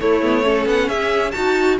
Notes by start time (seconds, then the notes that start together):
0.00 A3 E4 C#5
0.22 B3
0.43 C#4 A4
0.66 B3 F#5
0.88 C#4 G#4 E5
1.31 D#4 F#4 A5